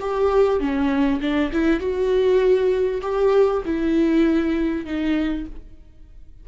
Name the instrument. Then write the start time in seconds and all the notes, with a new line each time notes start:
viola
0.00 G4
0.60 C#4
1.21 D4
1.52 E4
1.80 F#4
3.02 G4
3.65 E4
4.85 D#4